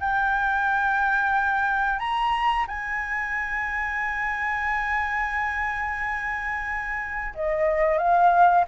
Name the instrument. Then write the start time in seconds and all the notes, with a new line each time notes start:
flute
0.00 G5
1.99 A#5
2.68 G#5
7.35 D#5
7.98 F5